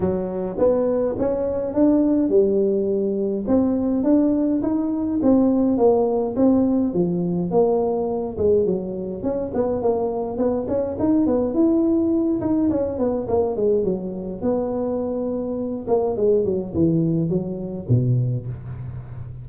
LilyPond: \new Staff \with { instrumentName = "tuba" } { \time 4/4 \tempo 4 = 104 fis4 b4 cis'4 d'4 | g2 c'4 d'4 | dis'4 c'4 ais4 c'4 | f4 ais4. gis8 fis4 |
cis'8 b8 ais4 b8 cis'8 dis'8 b8 | e'4. dis'8 cis'8 b8 ais8 gis8 | fis4 b2~ b8 ais8 | gis8 fis8 e4 fis4 b,4 | }